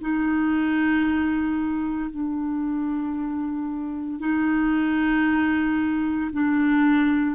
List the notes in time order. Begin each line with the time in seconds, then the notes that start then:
0.00 D#4
2.10 D4
4.20 D#4
6.33 D4